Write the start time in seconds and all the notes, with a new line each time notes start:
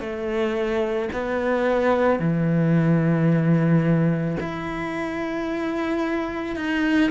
0.00 A3
1.13 B3
2.19 E3
4.40 E4
6.56 D#4